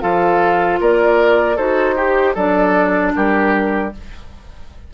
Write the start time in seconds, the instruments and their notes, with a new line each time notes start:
0.00 bassoon F3, clarinet F4, oboe A4, flute F5
0.80 bassoon A#3, oboe A#4, flute D5
1.56 bassoon D#4, clarinet F#4, oboe A4, flute C5
1.95 oboe G4, clarinet G4
2.34 bassoon F#3, clarinet D4, oboe A4, flute D5
3.15 bassoon G3, oboe G4, flute A#4